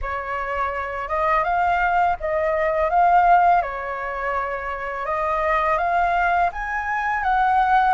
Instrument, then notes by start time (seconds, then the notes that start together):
flute
0.01 C#5
1.08 D#5
1.44 F5
2.19 D#5
2.89 F5
3.61 C#5
5.05 D#5
5.77 F5
6.52 G#5
7.23 F#5